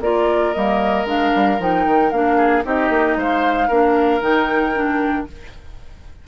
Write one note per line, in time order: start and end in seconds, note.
0.00 0.53 A#3
0.00 0.55 F4
0.00 2.37 A#4
0.00 0.53 D5
0.53 1.04 G3
0.53 1.06 A#3
0.53 1.06 D#5
1.04 1.30 G#3
1.04 1.58 D4
1.04 1.61 F5
1.35 1.59 G3
1.59 1.85 F3
1.59 2.11 D#4
1.59 2.10 G5
1.86 2.12 D#3
2.10 2.64 A#3
2.10 2.63 D4
2.10 2.63 F5
2.37 2.63 G#4
2.63 2.89 C4
2.63 3.68 D#4
2.63 3.17 G4
2.63 3.19 D#5
2.89 3.15 A#3
3.16 3.69 G#3
3.16 3.67 C5
3.16 4.22 F5
3.67 4.21 A#3
3.67 4.20 D4
3.67 5.25 A#4
4.20 5.27 D#3
4.20 4.73 D#4
4.20 5.27 G5
4.74 5.27 D4